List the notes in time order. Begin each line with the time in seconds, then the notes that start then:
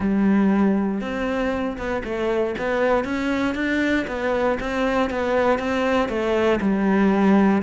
0.00 G3
1.00 C4
1.77 B3
2.04 A3
2.58 B3
3.04 C#4
3.55 D4
4.07 B3
4.60 C4
5.10 B3
5.59 C4
6.08 A3
6.61 G3